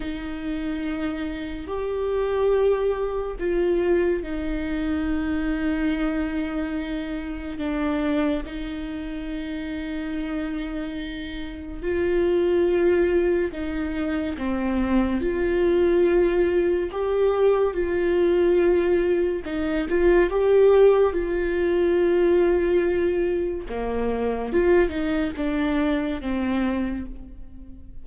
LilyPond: \new Staff \with { instrumentName = "viola" } { \time 4/4 \tempo 4 = 71 dis'2 g'2 | f'4 dis'2.~ | dis'4 d'4 dis'2~ | dis'2 f'2 |
dis'4 c'4 f'2 | g'4 f'2 dis'8 f'8 | g'4 f'2. | ais4 f'8 dis'8 d'4 c'4 | }